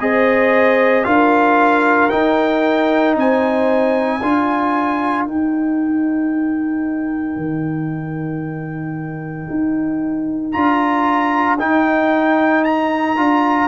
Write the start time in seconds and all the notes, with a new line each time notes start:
0.00 C4 G#4 C5 D#5
1.04 D4 F4 A#4 F5
2.09 D#4 G5
3.16 C4 C5 G#5
4.21 D4 F4 A#4
5.24 D#4 G5
7.36 D#3
9.50 D#4
10.52 D4 F4 A#5
11.59 D#4 G5
12.64 A#5
13.17 D4 F4